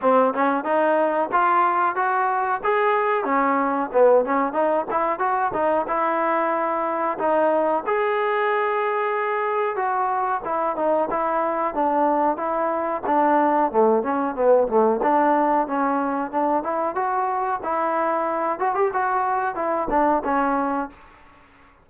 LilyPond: \new Staff \with { instrumentName = "trombone" } { \time 4/4 \tempo 4 = 92 c'8 cis'8 dis'4 f'4 fis'4 | gis'4 cis'4 b8 cis'8 dis'8 e'8 | fis'8 dis'8 e'2 dis'4 | gis'2. fis'4 |
e'8 dis'8 e'4 d'4 e'4 | d'4 a8 cis'8 b8 a8 d'4 | cis'4 d'8 e'8 fis'4 e'4~ | e'8 fis'16 g'16 fis'4 e'8 d'8 cis'4 | }